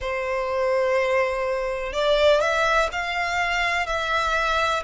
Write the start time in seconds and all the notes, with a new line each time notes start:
0.00 C5
1.92 D5
2.40 E5
2.92 F5
3.86 E5